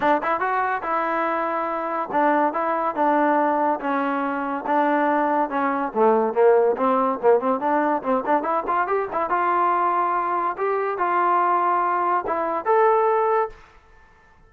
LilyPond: \new Staff \with { instrumentName = "trombone" } { \time 4/4 \tempo 4 = 142 d'8 e'8 fis'4 e'2~ | e'4 d'4 e'4 d'4~ | d'4 cis'2 d'4~ | d'4 cis'4 a4 ais4 |
c'4 ais8 c'8 d'4 c'8 d'8 | e'8 f'8 g'8 e'8 f'2~ | f'4 g'4 f'2~ | f'4 e'4 a'2 | }